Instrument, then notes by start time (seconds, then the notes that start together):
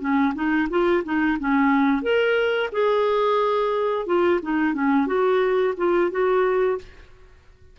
clarinet
0.00 C#4
0.35 D#4
0.70 F4
1.04 D#4
1.40 C#4
2.03 A#4
2.72 G#4
4.07 F4
4.42 D#4
4.74 C#4
5.07 F#4
5.77 F4
6.11 F#4